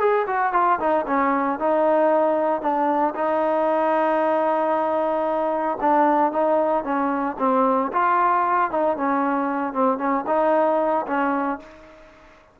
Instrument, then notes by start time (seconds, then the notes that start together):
trombone
0.00 G#4
0.27 F#4
0.53 F4
0.80 D#4
1.07 C#4
1.59 D#4
2.62 D4
3.15 D#4
5.81 D4
6.32 D#4
6.84 C#4
7.39 C4
7.93 F4
8.71 D#4
8.97 C#4
9.73 C4
9.98 C#4
10.27 D#4
11.07 C#4